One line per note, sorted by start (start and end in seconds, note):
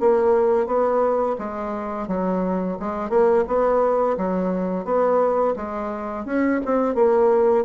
0.00 0.66 A#3
0.66 1.36 B3
1.38 2.08 G#3
2.08 2.77 F#3
2.79 3.10 G#3
3.10 3.44 A#3
3.47 4.17 B3
4.17 4.85 F#3
4.85 5.54 B3
5.56 6.25 G#3
6.25 6.60 C#4
6.65 6.95 C4
6.95 7.65 A#3